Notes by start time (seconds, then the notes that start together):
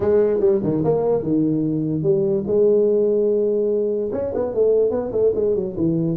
0.00 G#3
0.40 G3
0.63 D#3
0.84 A#3
1.23 D#3
2.02 G3
2.46 G#3
4.12 C#4
4.34 B3
4.54 A3
4.90 B3
5.11 A3
5.34 G#3
5.55 F#3
5.76 E3